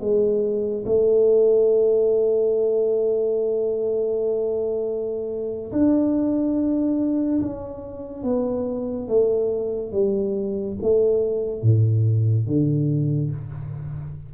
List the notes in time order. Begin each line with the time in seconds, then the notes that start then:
0.00 G#3
0.86 A3
5.72 D4
7.42 C#4
8.24 B3
9.08 A3
9.93 G3
10.82 A3
11.63 A2
12.47 D3